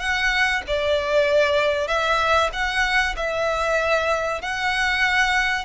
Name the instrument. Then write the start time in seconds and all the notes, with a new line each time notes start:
violin
0.00 F#5
0.68 D5
1.88 E5
2.53 F#5
3.17 E5
4.42 F#5